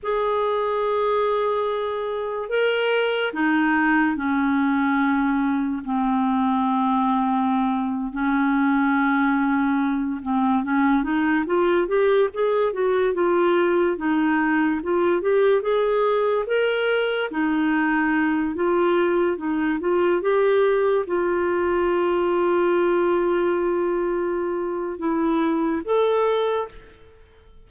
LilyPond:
\new Staff \with { instrumentName = "clarinet" } { \time 4/4 \tempo 4 = 72 gis'2. ais'4 | dis'4 cis'2 c'4~ | c'4.~ c'16 cis'2~ cis'16~ | cis'16 c'8 cis'8 dis'8 f'8 g'8 gis'8 fis'8 f'16~ |
f'8. dis'4 f'8 g'8 gis'4 ais'16~ | ais'8. dis'4. f'4 dis'8 f'16~ | f'16 g'4 f'2~ f'8.~ | f'2 e'4 a'4 | }